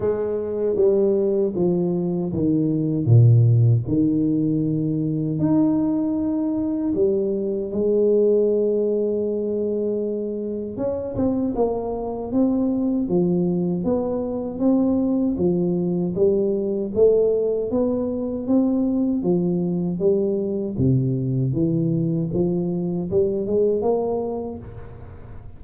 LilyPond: \new Staff \with { instrumentName = "tuba" } { \time 4/4 \tempo 4 = 78 gis4 g4 f4 dis4 | ais,4 dis2 dis'4~ | dis'4 g4 gis2~ | gis2 cis'8 c'8 ais4 |
c'4 f4 b4 c'4 | f4 g4 a4 b4 | c'4 f4 g4 c4 | e4 f4 g8 gis8 ais4 | }